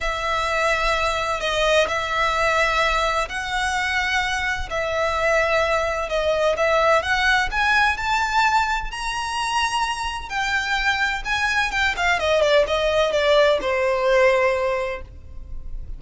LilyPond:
\new Staff \with { instrumentName = "violin" } { \time 4/4 \tempo 4 = 128 e''2. dis''4 | e''2. fis''4~ | fis''2 e''2~ | e''4 dis''4 e''4 fis''4 |
gis''4 a''2 ais''4~ | ais''2 g''2 | gis''4 g''8 f''8 dis''8 d''8 dis''4 | d''4 c''2. | }